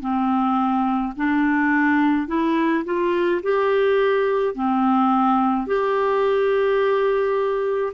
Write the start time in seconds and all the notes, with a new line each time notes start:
0.00 C4
1.16 D4
2.27 E4
2.85 F4
3.42 G4
4.54 C4
5.67 G4